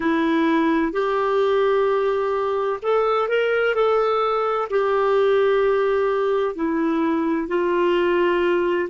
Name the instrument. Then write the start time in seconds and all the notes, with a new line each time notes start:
clarinet
0.00 E4
0.92 G4
2.82 A4
3.28 A#4
3.75 A4
4.70 G4
6.55 E4
7.48 F4